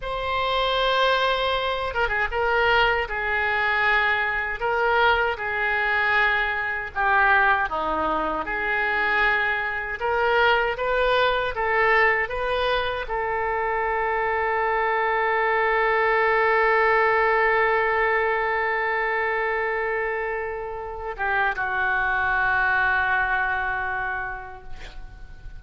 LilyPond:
\new Staff \with { instrumentName = "oboe" } { \time 4/4 \tempo 4 = 78 c''2~ c''8 ais'16 gis'16 ais'4 | gis'2 ais'4 gis'4~ | gis'4 g'4 dis'4 gis'4~ | gis'4 ais'4 b'4 a'4 |
b'4 a'2.~ | a'1~ | a'2.~ a'8 g'8 | fis'1 | }